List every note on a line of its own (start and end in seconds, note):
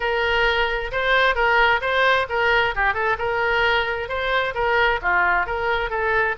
0.00 0.91 A#4
0.91 1.35 C5
1.35 1.80 A#4
1.81 2.26 C5
2.29 2.74 A#4
2.75 2.94 G4
2.94 3.16 A4
3.18 4.08 A#4
4.08 4.54 C5
4.54 4.99 A#4
5.02 5.46 F4
5.46 5.90 A#4
5.90 6.35 A4